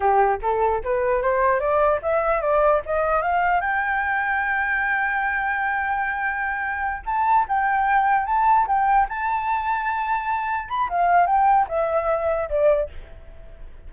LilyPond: \new Staff \with { instrumentName = "flute" } { \time 4/4 \tempo 4 = 149 g'4 a'4 b'4 c''4 | d''4 e''4 d''4 dis''4 | f''4 g''2.~ | g''1~ |
g''4. a''4 g''4.~ | g''8 a''4 g''4 a''4.~ | a''2~ a''8 b''8 f''4 | g''4 e''2 d''4 | }